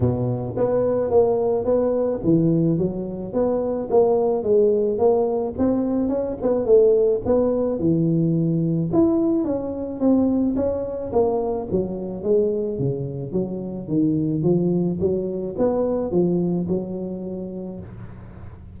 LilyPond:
\new Staff \with { instrumentName = "tuba" } { \time 4/4 \tempo 4 = 108 b,4 b4 ais4 b4 | e4 fis4 b4 ais4 | gis4 ais4 c'4 cis'8 b8 | a4 b4 e2 |
e'4 cis'4 c'4 cis'4 | ais4 fis4 gis4 cis4 | fis4 dis4 f4 fis4 | b4 f4 fis2 | }